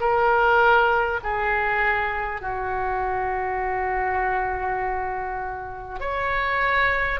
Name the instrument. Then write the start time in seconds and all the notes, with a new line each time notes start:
oboe
0.00 A#4
1.23 G#4
2.41 F#4
5.99 C#5